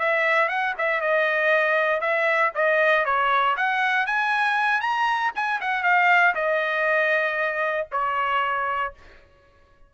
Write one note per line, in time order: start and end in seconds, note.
0.00 0.49 E5
0.49 0.74 F#5
0.79 1.01 E5
1.01 2.01 D#5
2.01 2.52 E5
2.55 3.06 D#5
3.06 3.56 C#5
3.58 4.07 F#5
4.07 4.81 G#5
4.81 5.32 A#5
5.36 5.61 G#5
5.61 5.84 F#5
5.84 6.35 F5
6.35 7.88 D#5
7.92 8.94 C#5